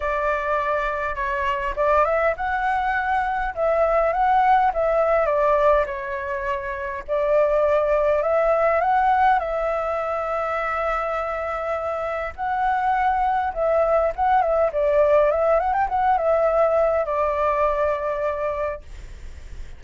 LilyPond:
\new Staff \with { instrumentName = "flute" } { \time 4/4 \tempo 4 = 102 d''2 cis''4 d''8 e''8 | fis''2 e''4 fis''4 | e''4 d''4 cis''2 | d''2 e''4 fis''4 |
e''1~ | e''4 fis''2 e''4 | fis''8 e''8 d''4 e''8 fis''16 g''16 fis''8 e''8~ | e''4 d''2. | }